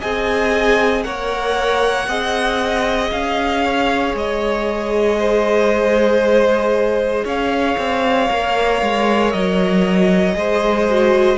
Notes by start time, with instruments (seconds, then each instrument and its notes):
0.00 cello C4, viola G#4, violin D#5 G#5
1.04 cello A#3, viola A#4, violin C#5 F#5
2.08 cello C4, viola G#4, violin D#5
3.12 cello C#4, violin F5
3.65 violin C#5
4.14 cello G#3, violin D#5
5.19 violin C5
7.25 cello C#4, violin C#5 F5
7.78 cello C4
8.30 cello A#3, viola A#4
8.82 cello G#3
9.33 cello F#3, violin D#5
10.34 cello G#3, viola G#4, violin C5
10.90 viola F#4